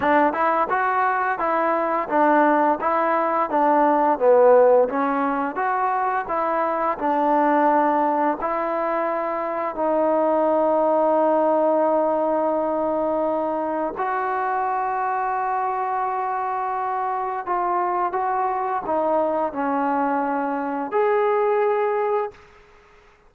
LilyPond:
\new Staff \with { instrumentName = "trombone" } { \time 4/4 \tempo 4 = 86 d'8 e'8 fis'4 e'4 d'4 | e'4 d'4 b4 cis'4 | fis'4 e'4 d'2 | e'2 dis'2~ |
dis'1 | fis'1~ | fis'4 f'4 fis'4 dis'4 | cis'2 gis'2 | }